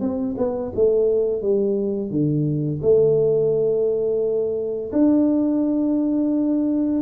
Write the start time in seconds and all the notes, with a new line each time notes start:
0.00 C4
0.37 B3
0.75 A3
1.42 G3
2.10 D3
2.82 A3
4.92 D4